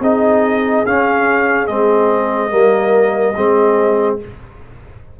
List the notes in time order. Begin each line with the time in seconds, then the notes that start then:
0.00 C4 D#4 G#4 D#5
0.86 C#4 F5
1.67 G#3 C4 D#5
2.50 G3 A#3 A#4
3.36 G#3 C4 G#4